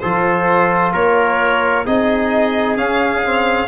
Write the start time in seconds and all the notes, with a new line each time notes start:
0.00 F3 F4 A4 C5
0.93 A#3 A#4 C#5
1.86 C4 D#4 G#4 D#5
2.77 C#4 F5
3.23 C4